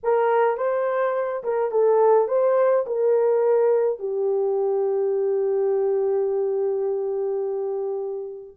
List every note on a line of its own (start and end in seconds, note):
0.03 0.57 A#4
0.57 1.43 C5
1.43 1.71 A#4
1.71 2.28 A4
2.28 2.85 C5
2.86 3.99 A#4
3.99 8.56 G4